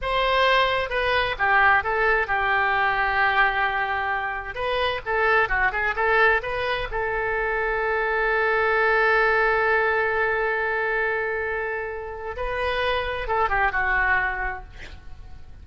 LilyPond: \new Staff \with { instrumentName = "oboe" } { \time 4/4 \tempo 4 = 131 c''2 b'4 g'4 | a'4 g'2.~ | g'2 b'4 a'4 | fis'8 gis'8 a'4 b'4 a'4~ |
a'1~ | a'1~ | a'2. b'4~ | b'4 a'8 g'8 fis'2 | }